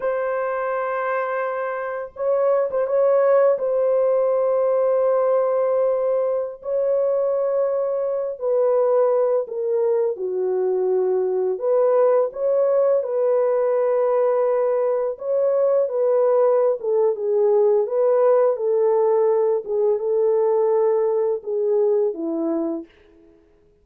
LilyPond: \new Staff \with { instrumentName = "horn" } { \time 4/4 \tempo 4 = 84 c''2. cis''8. c''16 | cis''4 c''2.~ | c''4~ c''16 cis''2~ cis''8 b'16~ | b'4~ b'16 ais'4 fis'4.~ fis'16~ |
fis'16 b'4 cis''4 b'4.~ b'16~ | b'4~ b'16 cis''4 b'4~ b'16 a'8 | gis'4 b'4 a'4. gis'8 | a'2 gis'4 e'4 | }